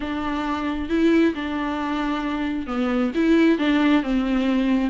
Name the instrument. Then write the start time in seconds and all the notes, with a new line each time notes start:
viola
0.00 D4
0.89 E4
1.35 D4
2.66 B3
3.14 E4
3.58 D4
4.02 C4